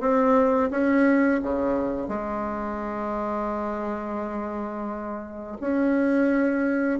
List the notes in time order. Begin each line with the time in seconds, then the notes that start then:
0.00 C4
0.70 C#4
1.42 C#3
2.08 G#3
5.60 C#4